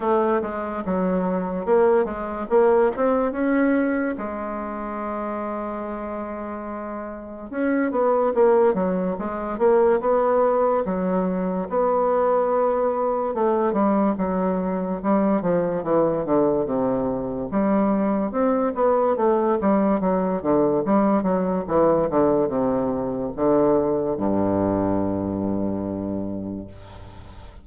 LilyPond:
\new Staff \with { instrumentName = "bassoon" } { \time 4/4 \tempo 4 = 72 a8 gis8 fis4 ais8 gis8 ais8 c'8 | cis'4 gis2.~ | gis4 cis'8 b8 ais8 fis8 gis8 ais8 | b4 fis4 b2 |
a8 g8 fis4 g8 f8 e8 d8 | c4 g4 c'8 b8 a8 g8 | fis8 d8 g8 fis8 e8 d8 c4 | d4 g,2. | }